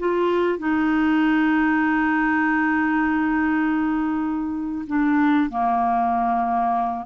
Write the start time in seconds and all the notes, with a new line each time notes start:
0.00 F4
0.59 D#4
4.88 D4
5.50 A#3